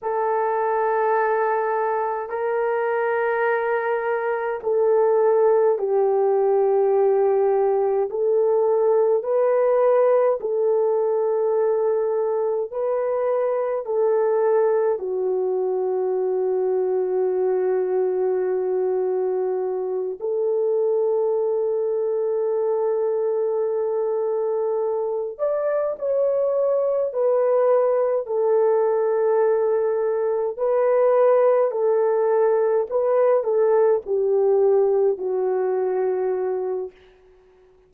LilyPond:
\new Staff \with { instrumentName = "horn" } { \time 4/4 \tempo 4 = 52 a'2 ais'2 | a'4 g'2 a'4 | b'4 a'2 b'4 | a'4 fis'2.~ |
fis'4. a'2~ a'8~ | a'2 d''8 cis''4 b'8~ | b'8 a'2 b'4 a'8~ | a'8 b'8 a'8 g'4 fis'4. | }